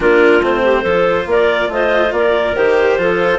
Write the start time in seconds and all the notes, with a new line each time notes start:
0.00 A#3 D4 F4 A#4
0.41 A3 C4 C5
0.63 G4
0.81 F3 F4 A4
1.26 A#3 A#4 D5
1.68 A3 C5 D#5
2.12 A#3 A#4 D5
2.55 D#3 G4 C5
2.98 F3 F4 A4